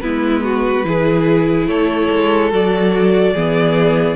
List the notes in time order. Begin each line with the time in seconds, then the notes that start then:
0.00 G#3 B3 E4 B4
0.44 F#4
0.84 E3 E4 G#4
1.66 A3 A4 C#5
2.10 G#3
2.50 F#3 F#4 D5
3.34 E3 B3 G#4